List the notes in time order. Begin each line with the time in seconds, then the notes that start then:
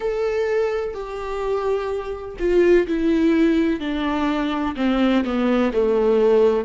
0.00 A4
0.94 G4
2.39 F4
2.87 E4
3.80 D4
4.76 C4
5.24 B3
5.73 A3